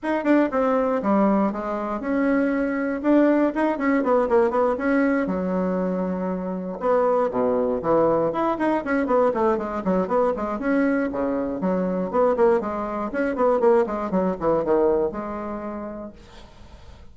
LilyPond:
\new Staff \with { instrumentName = "bassoon" } { \time 4/4 \tempo 4 = 119 dis'8 d'8 c'4 g4 gis4 | cis'2 d'4 dis'8 cis'8 | b8 ais8 b8 cis'4 fis4.~ | fis4. b4 b,4 e8~ |
e8 e'8 dis'8 cis'8 b8 a8 gis8 fis8 | b8 gis8 cis'4 cis4 fis4 | b8 ais8 gis4 cis'8 b8 ais8 gis8 | fis8 e8 dis4 gis2 | }